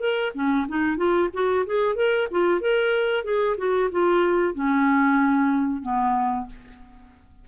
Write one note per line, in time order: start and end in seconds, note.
0.00 0.32 A#4
0.35 0.67 C#4
0.68 0.97 D#4
0.97 1.29 F4
1.33 1.66 F#4
1.66 1.96 G#4
1.96 2.28 A#4
2.31 2.61 F4
2.61 3.24 A#4
3.24 3.57 G#4
3.58 3.90 F#4
3.92 4.55 F4
4.55 5.82 C#4
5.82 6.47 B3